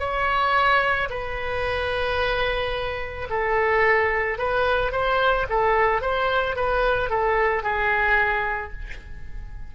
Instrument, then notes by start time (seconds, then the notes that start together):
oboe
0.00 C#5
1.11 B4
3.30 A4
4.39 B4
4.92 C5
5.50 A4
6.02 C5
6.56 B4
7.10 A4
7.64 G#4